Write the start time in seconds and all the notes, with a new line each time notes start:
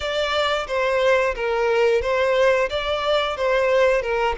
0.00 D5
0.67 C5
1.35 A#4
2.01 C5
2.69 D5
3.36 C5
4.01 A#4